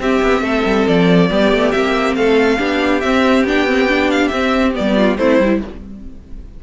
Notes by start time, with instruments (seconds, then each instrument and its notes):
0.00 cello C4, viola C4, violin G4 E5
0.22 cello B3
0.42 cello A3, violin A4
0.65 cello G3
0.88 cello F3, violin D5
1.30 cello G3, viola B3, violin G4
1.53 cello A3
1.72 cello A#3, viola C4, violin E5
2.16 cello A3, violin A4 F5
2.58 cello B3, viola D4, violin G4
3.01 cello C4, viola C4, violin E5
3.44 cello B3, viola D4, violin G5
3.68 viola C4
3.89 viola D4
4.11 violin F5
4.29 viola C4, cello C4, violin E5
4.74 viola B3, violin D5
4.80 cello G3
4.96 violin F4
5.18 cello A3, viola C4, violin E4 C5
5.40 cello G3, viola E4